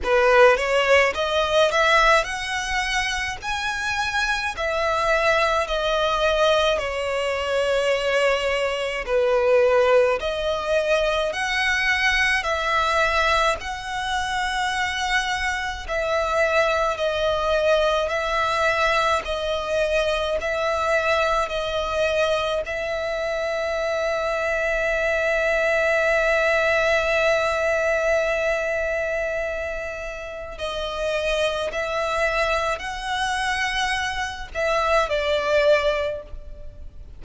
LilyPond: \new Staff \with { instrumentName = "violin" } { \time 4/4 \tempo 4 = 53 b'8 cis''8 dis''8 e''8 fis''4 gis''4 | e''4 dis''4 cis''2 | b'4 dis''4 fis''4 e''4 | fis''2 e''4 dis''4 |
e''4 dis''4 e''4 dis''4 | e''1~ | e''2. dis''4 | e''4 fis''4. e''8 d''4 | }